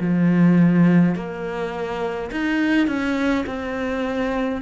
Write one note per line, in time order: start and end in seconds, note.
0.00 1.15 F3
1.15 2.31 A#3
2.31 2.87 D#4
2.87 3.45 C#4
3.47 4.62 C4